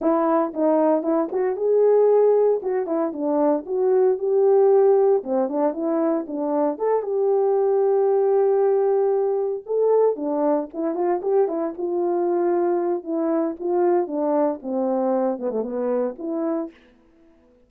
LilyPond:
\new Staff \with { instrumentName = "horn" } { \time 4/4 \tempo 4 = 115 e'4 dis'4 e'8 fis'8 gis'4~ | gis'4 fis'8 e'8 d'4 fis'4 | g'2 c'8 d'8 e'4 | d'4 a'8 g'2~ g'8~ |
g'2~ g'8 a'4 d'8~ | d'8 e'8 f'8 g'8 e'8 f'4.~ | f'4 e'4 f'4 d'4 | c'4. b16 a16 b4 e'4 | }